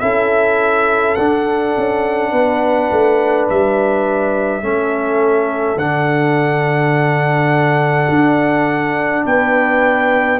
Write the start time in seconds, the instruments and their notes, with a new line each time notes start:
0.00 tuba C#4, trombone E4, horn A4, trumpet E5
1.15 tuba D4, trombone D4, trumpet F#5
1.77 tuba C#4
2.31 tuba B3, horn B4
2.91 tuba A3
3.50 tuba G3, trumpet E5
4.62 tuba A3, trombone C#4, horn A4
5.76 tuba D3, trombone D4, trumpet F#5
8.09 tuba D4
9.25 tuba B3, horn B4, trumpet G5